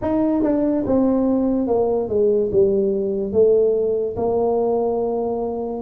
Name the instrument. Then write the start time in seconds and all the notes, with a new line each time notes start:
tuba
0.02 D#4
0.42 D4
0.86 C4
1.67 A#3
2.08 G#3
2.52 G3
3.32 A3
4.16 A#3